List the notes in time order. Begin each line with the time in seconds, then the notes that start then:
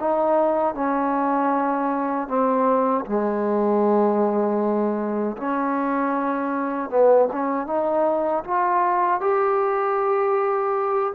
0.00 D#4
0.74 C#4
2.28 C4
3.06 G#3
5.37 C#4
6.90 B3
7.33 C#4
7.67 D#4
8.44 F4
9.21 G4